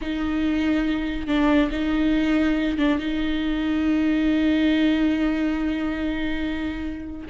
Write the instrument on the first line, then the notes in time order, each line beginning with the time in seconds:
viola
0.01 D#4
1.27 D4
1.71 D#4
2.78 D4
2.99 D#4